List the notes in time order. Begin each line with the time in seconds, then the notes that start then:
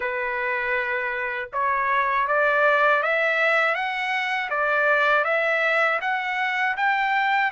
0.00 B4
1.52 C#5
2.27 D5
3.02 E5
3.74 F#5
4.50 D5
5.24 E5
6.01 F#5
6.77 G5